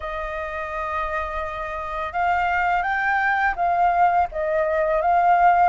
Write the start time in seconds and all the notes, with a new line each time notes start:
0.00 D#5
2.12 F5
2.82 G5
3.56 F5
4.31 D#5
5.01 F5